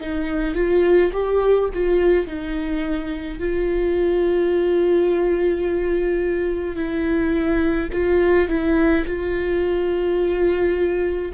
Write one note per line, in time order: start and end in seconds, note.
0.00 0.55 D#4
0.55 1.11 F4
1.13 1.69 G4
1.73 2.26 F4
2.26 3.39 D#4
3.39 6.75 F4
6.75 7.88 E4
7.92 8.48 F4
8.48 9.05 E4
9.05 11.32 F4